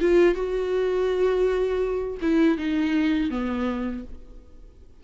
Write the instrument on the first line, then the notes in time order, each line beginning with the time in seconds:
viola
0.00 F4
0.34 F#4
2.21 E4
2.57 D#4
3.30 B3